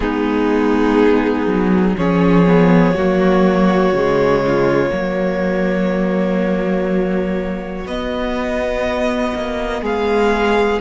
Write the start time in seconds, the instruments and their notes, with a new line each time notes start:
0.00 cello G#3, viola B3, violin D#4 G#4
1.46 cello F#3
1.97 cello F3, viola C#4, violin G#4 C#5
2.46 viola B3
2.94 cello F#3, viola A#3, violin F#4
3.92 cello C#3, viola G#3
4.46 violin F4
4.89 cello F#3, viola A#3, violin F#4
7.85 cello B3, viola B3, violin D#5
9.34 cello A#3
9.81 cello G#3, violin G#4 F5